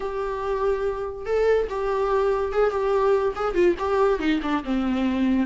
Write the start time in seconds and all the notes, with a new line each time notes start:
0.00 G4
1.25 A4
1.69 G4
2.52 G#4
2.70 G4
3.35 G#4
3.54 F4
3.79 G4
4.19 D#4
4.42 D4
4.64 C4